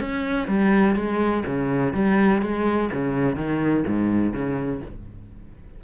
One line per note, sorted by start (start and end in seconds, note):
0.00 0.48 C#4
0.48 0.95 G3
0.95 1.44 G#3
1.45 1.93 C#3
1.93 2.41 G3
2.41 2.90 G#3
2.92 3.36 C#3
3.36 3.84 D#3
3.87 4.33 G#2
4.33 4.81 C#3